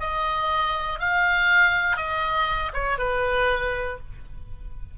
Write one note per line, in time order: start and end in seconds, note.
0.00 0.99 D#5
0.99 1.97 F5
1.97 2.72 D#5
2.73 2.98 C#5
2.98 3.98 B4